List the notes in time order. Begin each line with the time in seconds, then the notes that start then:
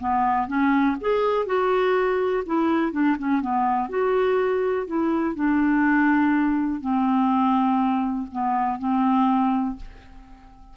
0.00 B3
0.48 C#4
1.01 G#4
1.47 F#4
2.47 E4
2.92 D4
3.19 C#4
3.41 B3
3.90 F#4
4.87 E4
5.36 D4
6.81 C4
8.32 B3
8.79 C4